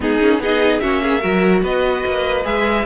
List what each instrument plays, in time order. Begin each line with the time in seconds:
0.00 cello G#3, viola B3, violin D#4 G#4
0.20 cello A#3, viola C#4
0.38 cello B3, viola D#4, violin G#4 D#5
0.79 cello A#3, viola C#4, violin F#4 E5
1.02 violin G#4
1.19 cello F#3, viola F#4, violin A#4
1.62 cello B3, violin B4 D#5
2.05 cello A#3
2.44 cello G#3, viola G#4, violin E5